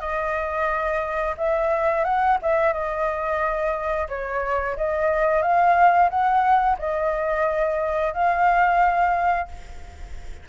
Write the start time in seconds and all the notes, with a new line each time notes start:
0.00 D#5
1.37 E5
2.04 F#5
2.42 E5
2.72 D#5
4.08 C#5
4.76 D#5
5.42 F5
6.09 F#5
6.78 D#5
8.13 F5